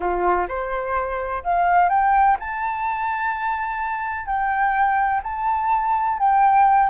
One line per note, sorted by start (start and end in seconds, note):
0.00 0.47 F4
0.48 1.43 C5
1.43 1.89 F5
1.89 2.37 G5
2.39 4.26 A5
4.26 5.21 G5
5.23 6.18 A5
6.18 6.89 G5